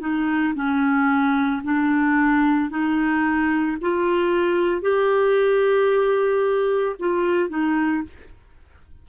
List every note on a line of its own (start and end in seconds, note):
0.00 0.54 D#4
0.55 1.62 C#4
1.64 2.70 D4
2.70 3.77 D#4
3.81 4.82 F4
4.82 6.96 G4
6.99 7.50 F4
7.50 8.03 D#4